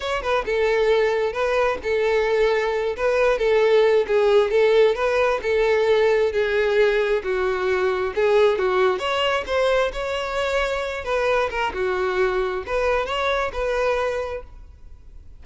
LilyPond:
\new Staff \with { instrumentName = "violin" } { \time 4/4 \tempo 4 = 133 cis''8 b'8 a'2 b'4 | a'2~ a'8 b'4 a'8~ | a'4 gis'4 a'4 b'4 | a'2 gis'2 |
fis'2 gis'4 fis'4 | cis''4 c''4 cis''2~ | cis''8 b'4 ais'8 fis'2 | b'4 cis''4 b'2 | }